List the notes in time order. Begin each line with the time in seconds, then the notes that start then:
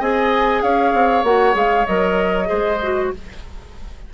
0.00 C4 G#4 D#5 G#5
0.62 C#4 C#5 F5
0.94 C4
1.23 A#3 F#4 F#5
1.53 G#3 G#4 F5
1.86 F#3 A#4 D#5
2.45 G#3 G#4 C5
2.82 F#4